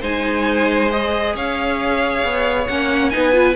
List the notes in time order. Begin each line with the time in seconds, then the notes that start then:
0.00 G#3 D#4 C5 G#5
0.91 G#4 D#5
1.34 C#4 C#5 F5
2.24 B3
2.67 A#3 C#4 F#5
3.10 B3 D#4 B4 G#5
3.32 F4